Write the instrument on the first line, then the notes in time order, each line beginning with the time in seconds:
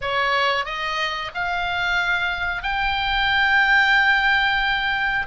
oboe
0.01 C#5
0.65 D#5
1.34 F5
2.63 G5